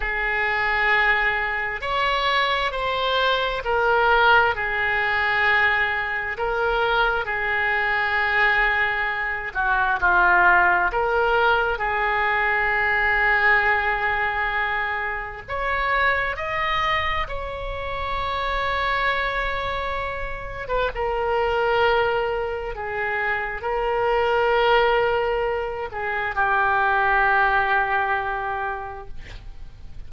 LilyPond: \new Staff \with { instrumentName = "oboe" } { \time 4/4 \tempo 4 = 66 gis'2 cis''4 c''4 | ais'4 gis'2 ais'4 | gis'2~ gis'8 fis'8 f'4 | ais'4 gis'2.~ |
gis'4 cis''4 dis''4 cis''4~ | cis''2~ cis''8. b'16 ais'4~ | ais'4 gis'4 ais'2~ | ais'8 gis'8 g'2. | }